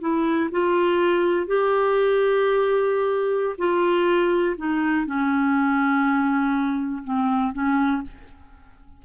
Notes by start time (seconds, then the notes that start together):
0.00 E4
0.51 F4
1.47 G4
3.57 F4
4.57 D#4
5.06 C#4
7.04 C4
7.53 C#4